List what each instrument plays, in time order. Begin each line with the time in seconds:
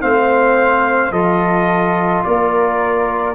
0.00 tuba A3, trombone C4, flute C5, trumpet F5
1.11 tuba F3, trombone F4, flute A4, trumpet D#5
2.24 tuba A#3, flute A#4, trumpet D5